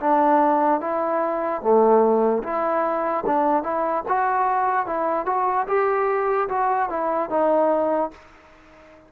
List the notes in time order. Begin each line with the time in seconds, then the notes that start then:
0.00 D4
0.81 E4
1.62 A3
2.43 E4
3.26 D4
3.63 E4
4.08 F#4
4.86 E4
5.26 F#4
5.67 G4
6.49 F#4
6.90 E4
7.30 D#4